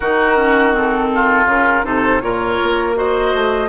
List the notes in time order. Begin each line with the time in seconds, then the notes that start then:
0.00 D#3 D#4 F#4 A#4
0.36 C#4
0.72 C4 A4
1.14 F4
1.45 C#3 C#4 A#4
1.83 C3 D#4 A4 C5
2.20 A#2 F4 A#4 C#5
2.62 A#3
2.94 F#4 C5 D#5
3.33 A3